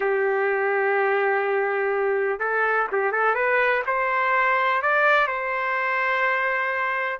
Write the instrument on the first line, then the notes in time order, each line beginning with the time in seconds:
trumpet
0.00 G4
2.39 A4
2.91 G4
3.12 A4
3.34 B4
3.86 C5
4.82 D5
5.27 C5